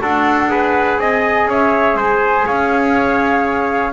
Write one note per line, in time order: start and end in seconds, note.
0.00 0.98 D4
0.00 0.48 F#4
0.00 0.51 A4
0.00 0.99 F#5
0.48 3.93 G#4
0.48 0.99 B4
0.98 1.46 C4
0.98 1.49 D#5
0.98 1.48 G#5
1.46 1.94 C#4
1.46 1.96 C#5
1.46 1.99 E5
1.94 2.43 G#3
1.94 2.46 C5
2.01 2.46 G#5
2.46 3.93 C#4
2.46 3.93 C#5
2.46 3.93 F5